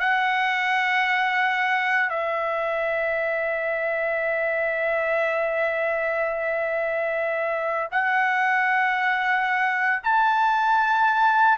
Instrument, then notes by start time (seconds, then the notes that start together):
trumpet
0.00 F#5
2.10 E5
7.91 F#5
10.03 A5